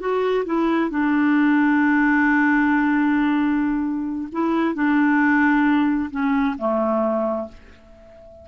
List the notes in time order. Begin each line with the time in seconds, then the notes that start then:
0.00 F#4
0.46 E4
0.90 D4
4.32 E4
4.75 D4
6.11 C#4
6.59 A3